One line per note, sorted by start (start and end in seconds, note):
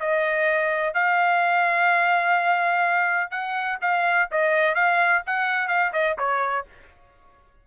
0.00 0.94 D#5
0.94 3.31 F5
3.31 3.78 F#5
3.81 4.29 F5
4.31 4.75 D#5
4.75 5.23 F5
5.26 5.68 F#5
5.68 5.92 F5
5.93 6.17 D#5
6.18 6.66 C#5